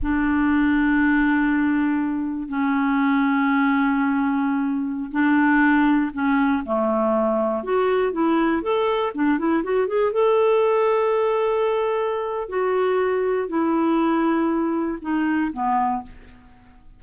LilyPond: \new Staff \with { instrumentName = "clarinet" } { \time 4/4 \tempo 4 = 120 d'1~ | d'4 cis'2.~ | cis'2~ cis'16 d'4.~ d'16~ | d'16 cis'4 a2 fis'8.~ |
fis'16 e'4 a'4 d'8 e'8 fis'8 gis'16~ | gis'16 a'2.~ a'8.~ | a'4 fis'2 e'4~ | e'2 dis'4 b4 | }